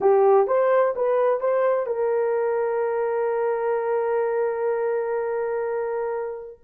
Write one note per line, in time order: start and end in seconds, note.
0.01 0.47 G4
0.47 0.94 C5
0.95 1.40 B4
1.40 1.86 C5
1.86 6.59 A#4